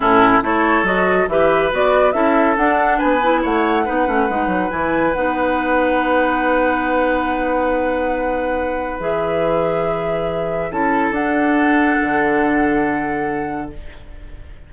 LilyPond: <<
  \new Staff \with { instrumentName = "flute" } { \time 4/4 \tempo 4 = 140 a'4 cis''4 dis''4 e''4 | d''4 e''4 fis''4 gis''4 | fis''2. gis''4 | fis''1~ |
fis''1~ | fis''4 e''2.~ | e''4 a''4 fis''2~ | fis''1 | }
  \new Staff \with { instrumentName = "oboe" } { \time 4/4 e'4 a'2 b'4~ | b'4 a'2 b'4 | cis''4 b'2.~ | b'1~ |
b'1~ | b'1~ | b'4 a'2.~ | a'1 | }
  \new Staff \with { instrumentName = "clarinet" } { \time 4/4 cis'4 e'4 fis'4 g'4 | fis'4 e'4 d'4. e'8~ | e'4 dis'8 cis'8 dis'4 e'4 | dis'1~ |
dis'1~ | dis'4 gis'2.~ | gis'4 e'4 d'2~ | d'1 | }
  \new Staff \with { instrumentName = "bassoon" } { \time 4/4 a,4 a4 fis4 e4 | b4 cis'4 d'4 b4 | a4 b8 a8 gis8 fis8 e4 | b1~ |
b1~ | b4 e2.~ | e4 cis'4 d'2 | d1 | }
>>